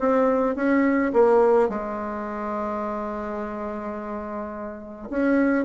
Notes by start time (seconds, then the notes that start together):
0.00 C4
0.56 C#4
1.14 A#3
1.69 G#3
5.10 C#4